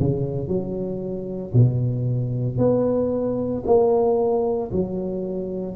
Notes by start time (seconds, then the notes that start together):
0.00 C#3
0.48 F#3
1.54 B2
2.58 B3
3.66 A#3
4.72 F#3